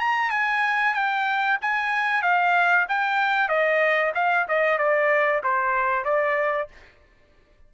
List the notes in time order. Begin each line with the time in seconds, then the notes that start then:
0.00 A#5
0.30 G#5
0.94 G5
1.62 G#5
2.23 F5
2.89 G5
3.49 D#5
4.15 F5
4.49 D#5
4.78 D5
5.43 C5
6.05 D5